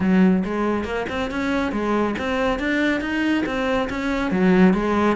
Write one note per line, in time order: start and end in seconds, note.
0.00 0.43 F#3
0.44 0.84 G#3
0.84 1.06 A#3
1.09 1.30 C4
1.30 1.72 C#4
1.72 2.15 G#3
2.18 2.59 C4
2.59 3.00 D4
3.00 3.44 D#4
3.45 3.88 C4
3.89 4.31 C#4
4.31 4.73 F#3
4.73 5.16 G#3